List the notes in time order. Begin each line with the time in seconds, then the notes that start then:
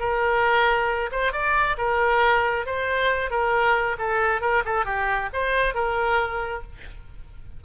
0.00 A#4
1.12 C5
1.33 D5
1.78 A#4
2.66 C5
3.30 A#4
3.98 A4
4.41 A#4
4.65 A4
4.85 G4
5.33 C5
5.75 A#4